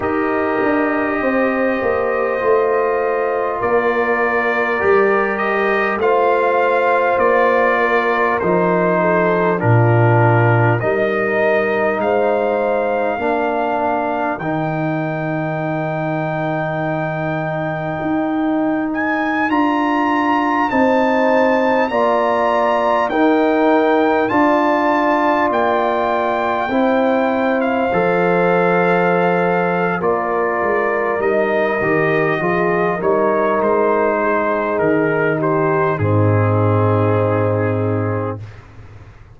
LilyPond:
<<
  \new Staff \with { instrumentName = "trumpet" } { \time 4/4 \tempo 4 = 50 dis''2. d''4~ | d''8 dis''8 f''4 d''4 c''4 | ais'4 dis''4 f''2 | g''2.~ g''8. gis''16~ |
gis''16 ais''4 a''4 ais''4 g''8.~ | g''16 a''4 g''4.~ g''16 f''4~ | f''4 d''4 dis''4. cis''8 | c''4 ais'8 c''8 gis'2 | }
  \new Staff \with { instrumentName = "horn" } { \time 4/4 ais'4 c''2 ais'4~ | ais'4 c''4. ais'4 a'8 | f'4 ais'4 c''4 ais'4~ | ais'1~ |
ais'4~ ais'16 c''4 d''4 ais'8.~ | ais'16 d''2 c''4.~ c''16~ | c''4 ais'2 gis'8 ais'8~ | ais'8 gis'4 g'8 dis'2 | }
  \new Staff \with { instrumentName = "trombone" } { \time 4/4 g'2 f'2 | g'4 f'2 dis'4 | d'4 dis'2 d'4 | dis'1~ |
dis'16 f'4 dis'4 f'4 dis'8.~ | dis'16 f'2 e'4 a'8.~ | a'4 f'4 dis'8 g'8 f'8 dis'8~ | dis'2 c'2 | }
  \new Staff \with { instrumentName = "tuba" } { \time 4/4 dis'8 d'8 c'8 ais8 a4 ais4 | g4 a4 ais4 f4 | ais,4 g4 gis4 ais4 | dis2. dis'4~ |
dis'16 d'4 c'4 ais4 dis'8.~ | dis'16 d'4 ais4 c'4 f8.~ | f4 ais8 gis8 g8 dis8 f8 g8 | gis4 dis4 gis,2 | }
>>